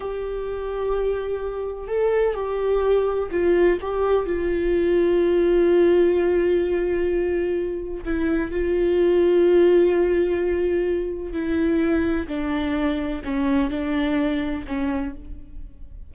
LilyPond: \new Staff \with { instrumentName = "viola" } { \time 4/4 \tempo 4 = 127 g'1 | a'4 g'2 f'4 | g'4 f'2.~ | f'1~ |
f'4 e'4 f'2~ | f'1 | e'2 d'2 | cis'4 d'2 cis'4 | }